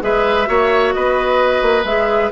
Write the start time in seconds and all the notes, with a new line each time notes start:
0.00 G#3 G#4 B4 E5
0.45 A#3 F#4 C#5
0.93 B3 B4 D#5
1.62 A#3
1.84 G#3 G#4 E5